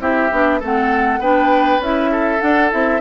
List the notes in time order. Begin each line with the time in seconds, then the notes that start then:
0.00 C4 E4 G4 E5
0.32 B3 D4
0.60 A3 C4 A4 F#5
1.19 B3 D4 B4 G5
1.80 C#4 E4 E5
2.12 A4
2.40 D4 F#5
2.71 C4 E4 E5